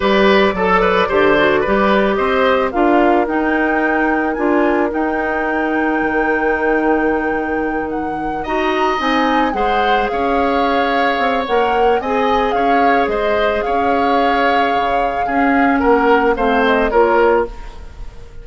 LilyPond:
<<
  \new Staff \with { instrumentName = "flute" } { \time 4/4 \tempo 4 = 110 d''1 | dis''4 f''4 g''2 | gis''4 g''2.~ | g''2~ g''8 fis''4 ais''8~ |
ais''8 gis''4 fis''4 f''4.~ | f''4 fis''4 gis''4 f''4 | dis''4 f''2.~ | f''4 fis''4 f''8 dis''8 cis''4 | }
  \new Staff \with { instrumentName = "oboe" } { \time 4/4 b'4 a'8 b'8 c''4 b'4 | c''4 ais'2.~ | ais'1~ | ais'2.~ ais'8 dis''8~ |
dis''4. c''4 cis''4.~ | cis''2 dis''4 cis''4 | c''4 cis''2. | gis'4 ais'4 c''4 ais'4 | }
  \new Staff \with { instrumentName = "clarinet" } { \time 4/4 g'4 a'4 g'8 fis'8 g'4~ | g'4 f'4 dis'2 | f'4 dis'2.~ | dis'2.~ dis'8 fis'8~ |
fis'8 dis'4 gis'2~ gis'8~ | gis'4 ais'4 gis'2~ | gis'1 | cis'2 c'4 f'4 | }
  \new Staff \with { instrumentName = "bassoon" } { \time 4/4 g4 fis4 d4 g4 | c'4 d'4 dis'2 | d'4 dis'2 dis4~ | dis2.~ dis8 dis'8~ |
dis'8 c'4 gis4 cis'4.~ | cis'8 c'8 ais4 c'4 cis'4 | gis4 cis'2 cis4 | cis'4 ais4 a4 ais4 | }
>>